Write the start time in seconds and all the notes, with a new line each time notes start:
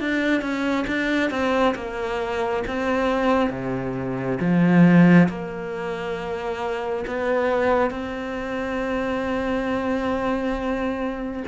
0.00 D4
0.41 C#4
0.87 D4
1.30 C4
1.74 A#3
2.67 C4
3.50 C3
4.40 F3
5.29 A#3
7.07 B3
7.90 C4